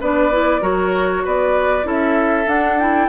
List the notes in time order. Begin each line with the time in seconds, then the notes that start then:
0.00 B3 D4 B4 D5
0.32 E4
0.60 F#3 F#4 A#4 C#5
1.25 B3 B4 D5
1.83 C#4 E4 A4
1.89 E5
2.46 D4 F#5
2.79 E4 G5